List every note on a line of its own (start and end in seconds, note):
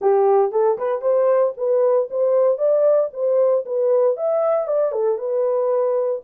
0.01 0.51 G4
0.51 0.77 A4
0.78 1.01 B4
1.01 1.53 C5
1.57 2.09 B4
2.10 2.57 C5
2.57 3.09 D5
3.13 3.64 C5
3.65 4.16 B4
4.16 4.67 E5
4.67 4.92 D5
4.92 5.17 A4
5.17 6.21 B4